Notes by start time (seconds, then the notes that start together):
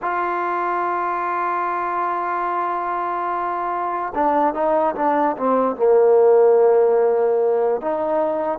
0.02 F4
4.14 D4
4.54 D#4
4.95 D4
5.36 C4
5.76 A#3
7.81 D#4